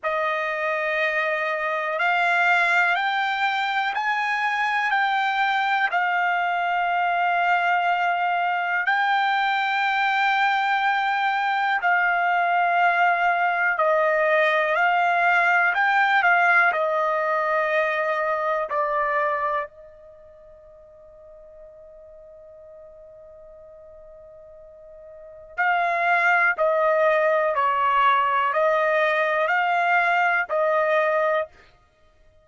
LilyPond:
\new Staff \with { instrumentName = "trumpet" } { \time 4/4 \tempo 4 = 61 dis''2 f''4 g''4 | gis''4 g''4 f''2~ | f''4 g''2. | f''2 dis''4 f''4 |
g''8 f''8 dis''2 d''4 | dis''1~ | dis''2 f''4 dis''4 | cis''4 dis''4 f''4 dis''4 | }